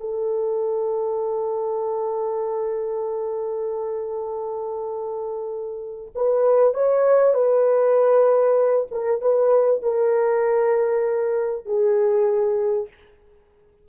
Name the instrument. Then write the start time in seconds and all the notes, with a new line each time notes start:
horn
0.00 A4
6.15 B4
6.74 C#5
7.34 B4
8.91 A#4
9.21 B4
9.82 A#4
11.65 G#4